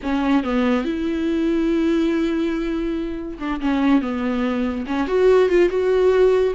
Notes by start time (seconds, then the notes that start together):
0.02 C#4
0.43 B3
0.85 E4
3.39 D4
3.60 C#4
4.01 B3
4.86 C#4
5.07 F#4
5.49 F4
5.69 F#4